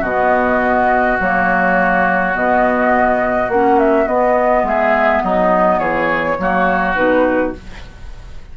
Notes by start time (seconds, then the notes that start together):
0.00 B2 B3 F#4 D#5
1.20 F#3 A#3 C#5
2.34 B2 B3 D#5
3.48 A#3 C#4 F#5
3.79 E5
4.06 B3 D#5
4.63 G#3 G#4 E5
5.23 F#3 D#4 D#5
5.79 E3 G#4 C#5
6.38 F#3 A#3 F#4
6.95 B2 D#4 B4